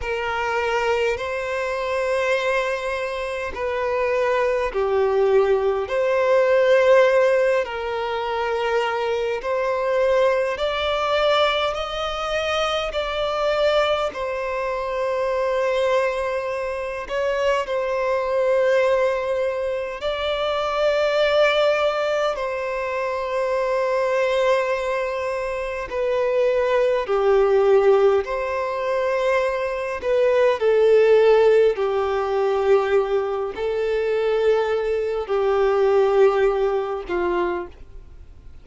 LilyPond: \new Staff \with { instrumentName = "violin" } { \time 4/4 \tempo 4 = 51 ais'4 c''2 b'4 | g'4 c''4. ais'4. | c''4 d''4 dis''4 d''4 | c''2~ c''8 cis''8 c''4~ |
c''4 d''2 c''4~ | c''2 b'4 g'4 | c''4. b'8 a'4 g'4~ | g'8 a'4. g'4. f'8 | }